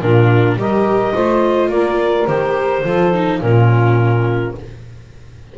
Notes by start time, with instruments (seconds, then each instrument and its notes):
0.00 double bass A#2, viola D4, saxophone F4, clarinet A#4
0.56 double bass G3, viola G4, saxophone A#4, clarinet D#5
1.14 double bass A3, viola F4, saxophone C5
1.69 double bass A#3, saxophone A#4, clarinet D5
2.27 double bass D#3, viola G4, clarinet C5
2.83 double bass F3, viola F4, saxophone A4
3.14 viola D#4
3.41 double bass A#2, viola C#4, saxophone F4, clarinet A#4